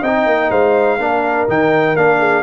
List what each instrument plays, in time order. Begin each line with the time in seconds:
0.00 tuba C4, horn D#5, trumpet G5
0.06 trombone D#4
0.26 tuba A#3
0.50 tuba G#3, horn C5, trumpet F5
0.98 tuba A#3, trombone D4, horn A#4
1.48 tuba D#3, trombone D#4, trumpet G5
1.96 tuba A#3, trombone D4, trumpet F5
2.19 horn G#4